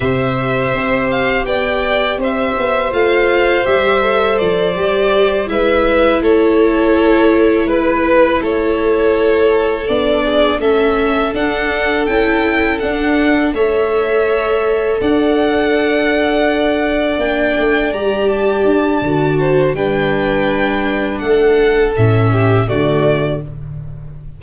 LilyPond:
<<
  \new Staff \with { instrumentName = "violin" } { \time 4/4 \tempo 4 = 82 e''4. f''8 g''4 e''4 | f''4 e''4 d''4. e''8~ | e''8 cis''2 b'4 cis''8~ | cis''4. d''4 e''4 fis''8~ |
fis''8 g''4 fis''4 e''4.~ | e''8 fis''2. g''8~ | g''8 ais''8 a''2 g''4~ | g''4 fis''4 e''4 d''4 | }
  \new Staff \with { instrumentName = "violin" } { \time 4/4 c''2 d''4 c''4~ | c''2.~ c''8 b'8~ | b'8 a'2 b'4 a'8~ | a'2 gis'8 a'4.~ |
a'2~ a'8 cis''4.~ | cis''8 d''2.~ d''8~ | d''2~ d''8 c''8 b'4~ | b'4 a'4. g'8 fis'4 | }
  \new Staff \with { instrumentName = "viola" } { \time 4/4 g'1 | f'4 g'8 a'4 g'4 e'8~ | e'1~ | e'4. d'4 cis'4 d'8~ |
d'8 e'4 d'4 a'4.~ | a'2.~ a'8 d'8~ | d'8 g'4. fis'4 d'4~ | d'2 cis'4 a4 | }
  \new Staff \with { instrumentName = "tuba" } { \time 4/4 c4 c'4 b4 c'8 b8 | a4 g4 f8 g4 gis8~ | gis8 a2 gis4 a8~ | a4. b4 a4 d'8~ |
d'8 cis'4 d'4 a4.~ | a8 d'2. ais8 | a8 g4 d'8 d4 g4~ | g4 a4 a,4 d4 | }
>>